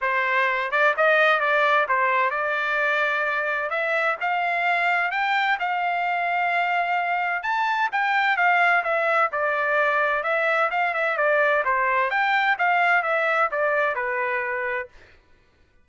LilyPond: \new Staff \with { instrumentName = "trumpet" } { \time 4/4 \tempo 4 = 129 c''4. d''8 dis''4 d''4 | c''4 d''2. | e''4 f''2 g''4 | f''1 |
a''4 g''4 f''4 e''4 | d''2 e''4 f''8 e''8 | d''4 c''4 g''4 f''4 | e''4 d''4 b'2 | }